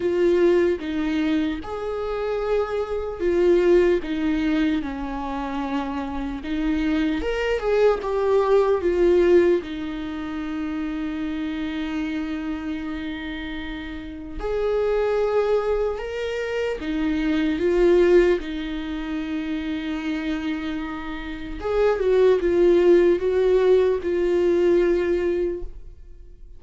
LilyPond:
\new Staff \with { instrumentName = "viola" } { \time 4/4 \tempo 4 = 75 f'4 dis'4 gis'2 | f'4 dis'4 cis'2 | dis'4 ais'8 gis'8 g'4 f'4 | dis'1~ |
dis'2 gis'2 | ais'4 dis'4 f'4 dis'4~ | dis'2. gis'8 fis'8 | f'4 fis'4 f'2 | }